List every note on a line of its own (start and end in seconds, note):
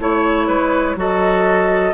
0.00 0.48 A3
0.00 0.97 E4
0.00 0.48 C#5
0.00 0.99 C#5
0.48 0.96 G#3
0.48 0.96 B4
0.96 1.93 F#3
0.96 1.94 F#4
0.96 1.94 A4
0.96 1.94 D#5